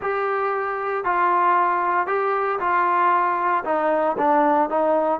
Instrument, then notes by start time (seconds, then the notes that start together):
trombone
0.01 G4
1.04 F4
2.07 G4
2.59 F4
3.64 D#4
4.17 D4
4.69 D#4